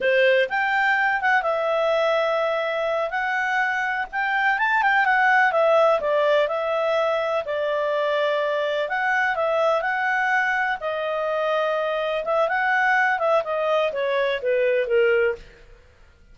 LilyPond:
\new Staff \with { instrumentName = "clarinet" } { \time 4/4 \tempo 4 = 125 c''4 g''4. fis''8 e''4~ | e''2~ e''8 fis''4.~ | fis''8 g''4 a''8 g''8 fis''4 e''8~ | e''8 d''4 e''2 d''8~ |
d''2~ d''8 fis''4 e''8~ | e''8 fis''2 dis''4.~ | dis''4. e''8 fis''4. e''8 | dis''4 cis''4 b'4 ais'4 | }